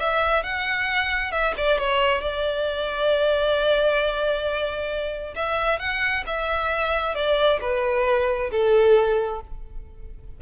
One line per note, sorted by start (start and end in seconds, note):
0.00 0.44 E5
0.44 1.32 F#5
1.32 1.54 E5
1.58 1.78 D5
1.78 2.22 C#5
2.22 5.35 D5
5.36 5.80 E5
5.80 6.24 F#5
6.27 7.15 E5
7.15 7.60 D5
7.61 8.51 B4
8.52 9.41 A4